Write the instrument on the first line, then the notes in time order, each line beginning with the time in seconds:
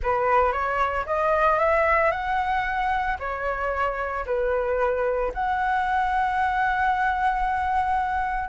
flute
0.02 B4
0.52 C#5
1.06 D#5
1.59 E5
2.11 F#5
3.19 C#5
4.26 B4
5.33 F#5